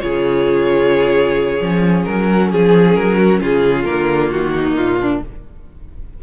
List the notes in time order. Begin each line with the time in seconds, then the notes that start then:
0.00 C#3 F4 G#4 C#5
1.60 F3 C#4
2.04 F#3 A#4
2.28 F#4
2.51 F3 G#4
2.95 F#3 A#4
3.17 F#4
3.41 C#3 F4 G#4
3.84 D3 A#3 A#4
4.31 D#3 F#4
4.54 D#4
4.75 A#2 F4
5.00 D4